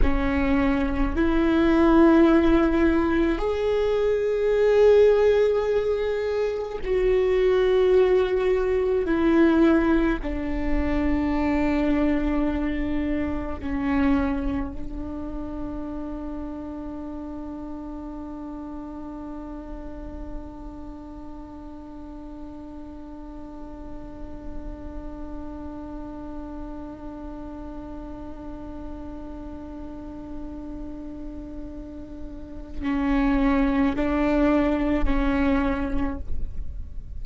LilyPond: \new Staff \with { instrumentName = "viola" } { \time 4/4 \tempo 4 = 53 cis'4 e'2 gis'4~ | gis'2 fis'2 | e'4 d'2. | cis'4 d'2.~ |
d'1~ | d'1~ | d'1~ | d'4 cis'4 d'4 cis'4 | }